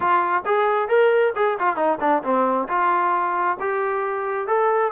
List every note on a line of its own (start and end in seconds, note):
0.00 0.43 F4
0.45 0.88 G#4
0.88 1.33 A#4
1.35 1.58 G#4
1.59 1.76 F4
1.76 1.98 D#4
2.00 2.22 D4
2.23 2.68 C4
2.68 3.57 F4
3.60 4.47 G4
4.47 4.92 A4